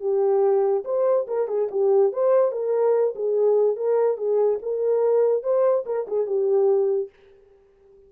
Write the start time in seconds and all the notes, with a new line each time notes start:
0.00 G4
0.85 C5
1.27 A#4
1.48 G#4
1.71 G4
2.12 C5
2.52 A#4
3.15 G#4
3.76 A#4
4.17 G#4
4.62 A#4
5.43 C5
5.86 A#4
6.07 G#4
6.26 G4